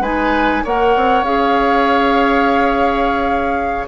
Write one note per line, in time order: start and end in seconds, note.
0.00 0.62 G#3
0.00 0.64 D#4
0.00 0.63 B4
0.00 0.64 G#5
0.64 0.96 A#3
0.64 1.25 A#4
0.64 3.88 C#5
0.64 1.24 F#5
0.96 1.23 C4
1.23 3.85 C#4
1.23 3.88 G#4
1.23 3.87 F5